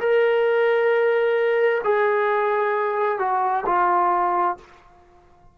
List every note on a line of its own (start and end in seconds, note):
0.00 1.82 A#4
1.84 3.19 G#4
3.19 3.64 F#4
3.67 4.57 F4